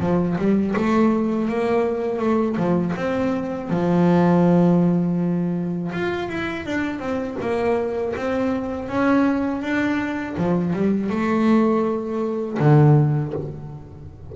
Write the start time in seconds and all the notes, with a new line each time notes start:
0.00 F3
0.38 G3
0.76 A3
1.49 A#3
2.19 A3
2.57 F3
2.97 C4
3.70 F3
5.93 F4
6.29 E4
6.66 D4
7.00 C4
7.41 A#3
8.16 C4
8.89 C#4
9.62 D4
10.38 F3
10.73 G3
11.10 A3
12.60 D3